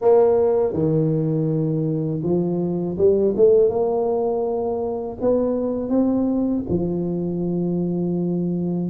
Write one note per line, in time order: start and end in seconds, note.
0.01 0.73 A#3
0.73 2.21 D#3
2.23 2.97 F3
2.97 3.34 G3
3.36 3.69 A3
3.69 5.17 A#3
5.20 5.89 B3
5.89 6.63 C4
6.69 8.89 F3